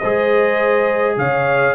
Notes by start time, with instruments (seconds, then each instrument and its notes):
0.00 tuba G#3, trombone G#4, horn C5, trumpet D#5
1.18 tuba C#3, horn C#5, trumpet F5